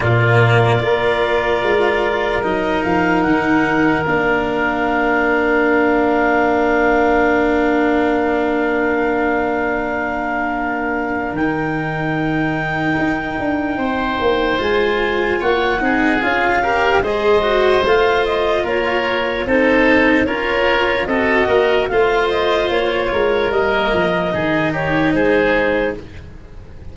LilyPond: <<
  \new Staff \with { instrumentName = "clarinet" } { \time 4/4 \tempo 4 = 74 d''2. dis''8 f''8 | fis''4 f''2.~ | f''1~ | f''2 g''2~ |
g''2 gis''4 fis''4 | f''4 dis''4 f''8 dis''8 cis''4 | c''4 cis''4 dis''4 f''8 dis''8 | cis''4 dis''4. cis''8 c''4 | }
  \new Staff \with { instrumentName = "oboe" } { \time 4/4 f'4 ais'2.~ | ais'1~ | ais'1~ | ais'1~ |
ais'4 c''2 cis''8 gis'8~ | gis'8 ais'8 c''2 ais'4 | a'4 ais'4 a'8 ais'8 c''4~ | c''8 ais'4. gis'8 g'8 gis'4 | }
  \new Staff \with { instrumentName = "cello" } { \time 4/4 ais4 f'2 dis'4~ | dis'4 d'2.~ | d'1~ | d'2 dis'2~ |
dis'2 f'4. dis'8 | f'8 g'8 gis'8 fis'8 f'2 | dis'4 f'4 fis'4 f'4~ | f'4 ais4 dis'2 | }
  \new Staff \with { instrumentName = "tuba" } { \time 4/4 ais,4 ais4 gis4 fis8 f8 | dis4 ais2.~ | ais1~ | ais2 dis2 |
dis'8 d'8 c'8 ais8 gis4 ais8 c'8 | cis'4 gis4 a4 ais4 | c'4 cis'4 c'8 ais8 a4 | ais8 gis8 g8 f8 dis4 gis4 | }
>>